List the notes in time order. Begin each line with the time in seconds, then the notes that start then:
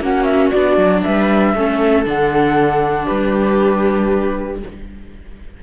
0.00 A#3 C#4 F#4 F#5
0.23 E5
0.50 B3 D4 D5
0.77 F#3
1.02 G3 B4 E5
1.54 A3 C#4 A4
2.04 D3 D4 F#5
3.05 G3 G4 B4